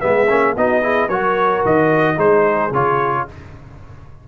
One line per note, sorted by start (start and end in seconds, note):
0.00 0.30 G#3
0.00 0.27 B3
0.00 0.56 G#4
0.00 0.54 E5
0.29 0.56 A#3
0.29 0.56 C#4
0.56 1.08 B3
0.56 0.82 D#4
0.56 0.82 F#4
0.56 1.09 D#5
0.82 1.09 E4
0.82 1.09 G#4
1.08 1.62 F#3
1.08 2.16 F#4
1.08 2.16 A#4
1.08 1.63 C#5
1.65 2.17 D#3
1.65 2.19 D#5
2.16 2.71 G#3
2.16 2.70 D#4
2.16 3.24 G#4
2.16 2.73 C5
2.71 3.25 C#3
2.71 3.28 F4
2.71 3.28 C#5